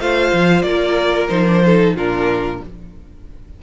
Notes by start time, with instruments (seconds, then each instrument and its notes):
0.00 cello A3, viola F4, violin C5 F5
0.33 cello F3
0.62 cello A#3, violin A#4 D5
1.28 cello F3, viola D#4, violin C5
1.47 viola D4
1.65 viola D#4, violin A4
1.95 cello A#2, viola D4, violin F4 A#4